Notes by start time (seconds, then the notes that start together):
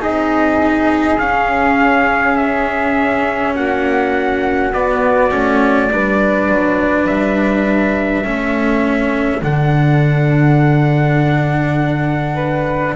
0.00 C4 D#4 G#4 D#5
1.19 C#4 F5
2.36 E5
3.55 A#3 F#4 F#5
4.72 B3 D5
5.31 A3 C#4
5.91 G3 D4 B4
6.49 F#3
7.07 G3 E5
8.24 A3 C#4 A4
9.42 D3 D4 F#5
12.35 B4